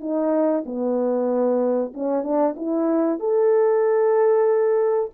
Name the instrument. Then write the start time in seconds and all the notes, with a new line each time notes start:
horn
0.00 D#4
0.65 B3
1.94 C#4
2.23 D4
2.56 E4
3.19 A4